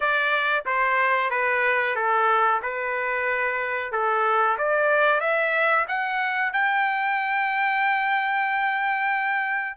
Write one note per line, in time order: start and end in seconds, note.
0.00 0.64 D5
0.65 1.30 C5
1.30 1.95 B4
1.95 2.61 A4
2.62 3.92 B4
3.92 4.57 A4
4.57 5.20 D5
5.20 5.85 E5
5.88 6.52 F#5
6.52 9.77 G5